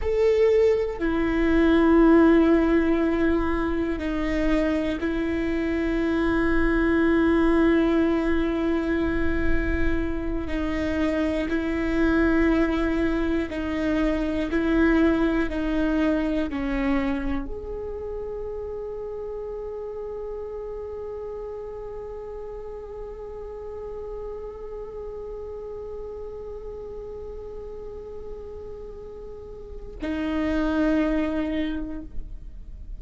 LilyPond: \new Staff \with { instrumentName = "viola" } { \time 4/4 \tempo 4 = 60 a'4 e'2. | dis'4 e'2.~ | e'2~ e'8 dis'4 e'8~ | e'4. dis'4 e'4 dis'8~ |
dis'8 cis'4 gis'2~ gis'8~ | gis'1~ | gis'1~ | gis'2 dis'2 | }